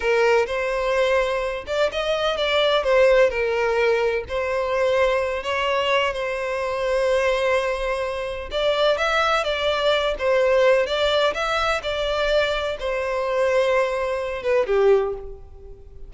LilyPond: \new Staff \with { instrumentName = "violin" } { \time 4/4 \tempo 4 = 127 ais'4 c''2~ c''8 d''8 | dis''4 d''4 c''4 ais'4~ | ais'4 c''2~ c''8 cis''8~ | cis''4 c''2.~ |
c''2 d''4 e''4 | d''4. c''4. d''4 | e''4 d''2 c''4~ | c''2~ c''8 b'8 g'4 | }